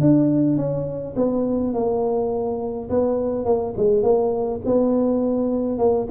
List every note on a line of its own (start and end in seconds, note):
0.00 0.57 D4
0.57 1.14 C#4
1.16 1.73 B3
1.73 2.89 A#3
2.89 3.45 B3
3.45 3.73 A#3
3.76 4.03 G#3
4.03 4.60 A#3
4.65 5.78 B3
5.78 6.07 A#3